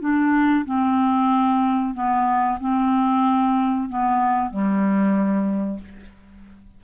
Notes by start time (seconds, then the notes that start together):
0.00 D4
0.65 C4
1.94 B3
2.60 C4
3.89 B3
4.50 G3